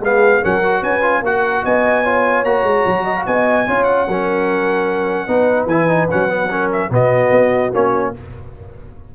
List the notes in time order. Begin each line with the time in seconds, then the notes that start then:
0.00 G#3 B3 G#4 F5
0.41 F#3 C#4 A#4 F#5
0.63 F#4
0.81 C#4 B4 G#5
1.02 F4
1.22 A#3 F#4 A#4 F#5
1.63 B3 D#5 G#5
2.04 F4 C#5
2.44 A#3 F#4 A#5
2.63 G#3
2.86 F#3
3.04 D#5
3.16 F5
3.26 B3 D#5 G#5
3.67 C#4 F4 C#5
3.84 F#5
4.07 F#3 C#4 A#4
5.26 B3 D#4 B4
5.66 E3 E4 G#5
5.88 D#4
6.10 F#3 C#4 F#5
6.28 B3
6.49 C#4 A#4
6.72 E5
6.90 B2 B3 F#4 D#5
7.31 B3
7.73 A#3 C#4 C#5